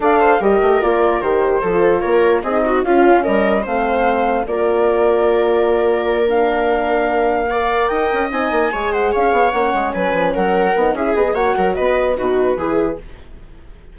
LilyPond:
<<
  \new Staff \with { instrumentName = "flute" } { \time 4/4 \tempo 4 = 148 f''4 dis''4 d''4 c''4~ | c''4 cis''4 dis''4 f''4 | dis''4 f''2 d''4~ | d''2.~ d''8 f''8~ |
f''2.~ f''8 g''8~ | g''8 gis''4. fis''8 f''4 fis''8~ | fis''8 gis''4 fis''4. e''8 dis''8 | fis''4 dis''4 b'2 | }
  \new Staff \with { instrumentName = "viola" } { \time 4/4 d''8 c''8 ais'2. | a'4 ais'4 gis'8 fis'8 f'4 | ais'4 c''2 ais'4~ | ais'1~ |
ais'2~ ais'8 d''4 dis''8~ | dis''4. cis''8 c''8 cis''4.~ | cis''8 b'4 ais'4. gis'4 | cis''8 ais'8 b'4 fis'4 gis'4 | }
  \new Staff \with { instrumentName = "horn" } { \time 4/4 a'4 g'4 f'4 g'4 | f'2 dis'4 cis'4~ | cis'4 c'2 f'4~ | f'2.~ f'8 d'8~ |
d'2~ d'8 ais'4.~ | ais'8 dis'4 gis'2 cis'8~ | cis'2~ cis'8 dis'8 e'8 gis'8 | fis'2 dis'4 e'4 | }
  \new Staff \with { instrumentName = "bassoon" } { \time 4/4 d'4 g8 a8 ais4 dis4 | f4 ais4 c'4 cis'4 | g4 a2 ais4~ | ais1~ |
ais2.~ ais8 dis'8 | cis'8 c'8 ais8 gis4 cis'8 b8 ais8 | gis8 fis8 f8 fis4 b8 cis'8 b8 | ais8 fis8 b4 b,4 e4 | }
>>